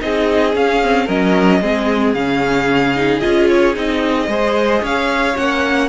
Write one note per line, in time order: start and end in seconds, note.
0.00 0.56 C4
0.00 0.54 D#4
0.00 1.06 G#4
0.00 0.56 D#5
0.54 0.81 C#4
0.54 1.09 C#4
0.54 1.09 F5
0.83 1.08 C4
1.06 1.62 F#3
1.06 1.62 C#4
1.06 1.59 A#4
1.06 2.14 D#5
1.62 2.15 G#3
1.62 2.16 C4
1.62 4.30 G#4
2.14 3.22 C#3
2.14 2.96 C#4
2.14 3.20 F5
2.96 3.21 D#4
3.20 3.77 C#4
3.20 3.74 F4
3.20 3.47 D#5
3.49 3.76 C#5
3.74 4.28 C4
3.74 4.27 D#4
3.74 4.85 D#5
4.28 4.82 G#3
4.28 5.36 G#4
4.28 4.83 C5
4.83 5.36 C#4
4.83 5.90 C#5
4.83 5.37 F5
5.36 5.90 A#3
5.36 5.90 C#4
5.36 5.90 F#5